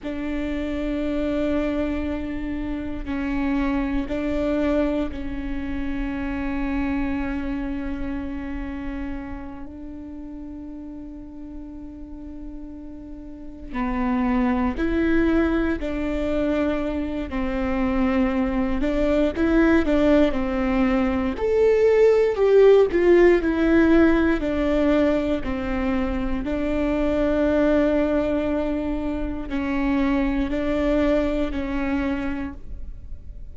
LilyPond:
\new Staff \with { instrumentName = "viola" } { \time 4/4 \tempo 4 = 59 d'2. cis'4 | d'4 cis'2.~ | cis'4. d'2~ d'8~ | d'4. b4 e'4 d'8~ |
d'4 c'4. d'8 e'8 d'8 | c'4 a'4 g'8 f'8 e'4 | d'4 c'4 d'2~ | d'4 cis'4 d'4 cis'4 | }